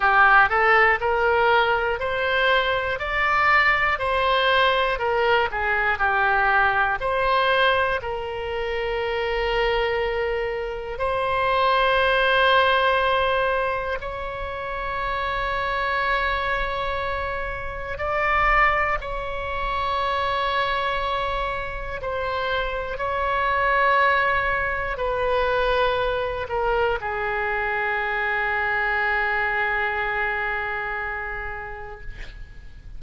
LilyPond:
\new Staff \with { instrumentName = "oboe" } { \time 4/4 \tempo 4 = 60 g'8 a'8 ais'4 c''4 d''4 | c''4 ais'8 gis'8 g'4 c''4 | ais'2. c''4~ | c''2 cis''2~ |
cis''2 d''4 cis''4~ | cis''2 c''4 cis''4~ | cis''4 b'4. ais'8 gis'4~ | gis'1 | }